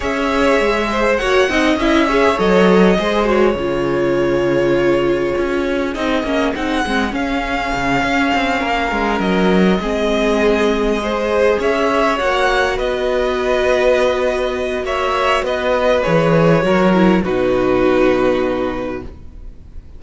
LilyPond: <<
  \new Staff \with { instrumentName = "violin" } { \time 4/4 \tempo 4 = 101 e''2 fis''4 e''4 | dis''4. cis''2~ cis''8~ | cis''2 dis''4 fis''4 | f''2.~ f''8 dis''8~ |
dis''2.~ dis''8 e''8~ | e''8 fis''4 dis''2~ dis''8~ | dis''4 e''4 dis''4 cis''4~ | cis''4 b'2. | }
  \new Staff \with { instrumentName = "violin" } { \time 4/4 cis''4. c''8 cis''8 dis''4 cis''8~ | cis''4 c''4 gis'2~ | gis'1~ | gis'2~ gis'8 ais'4.~ |
ais'8 gis'2 c''4 cis''8~ | cis''4. b'2~ b'8~ | b'4 cis''4 b'2 | ais'4 fis'2. | }
  \new Staff \with { instrumentName = "viola" } { \time 4/4 gis'2 fis'8 dis'8 e'8 gis'8 | a'4 gis'8 fis'8 f'2~ | f'2 dis'8 cis'8 dis'8 c'8 | cis'1~ |
cis'8 c'2 gis'4.~ | gis'8 fis'2.~ fis'8~ | fis'2. gis'4 | fis'8 e'8 dis'2. | }
  \new Staff \with { instrumentName = "cello" } { \time 4/4 cis'4 gis4 ais8 c'8 cis'4 | fis4 gis4 cis2~ | cis4 cis'4 c'8 ais8 c'8 gis8 | cis'4 cis8 cis'8 c'8 ais8 gis8 fis8~ |
fis8 gis2. cis'8~ | cis'8 ais4 b2~ b8~ | b4 ais4 b4 e4 | fis4 b,2. | }
>>